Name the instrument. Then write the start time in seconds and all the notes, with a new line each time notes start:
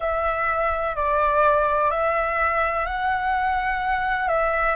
flute
0.00 E5
0.95 D5
1.90 E5
2.86 F#5
4.28 E5